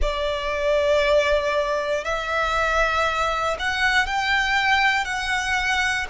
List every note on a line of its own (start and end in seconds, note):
0.01 2.04 D5
2.04 3.56 E5
3.59 4.06 F#5
4.06 5.04 G5
5.04 6.06 F#5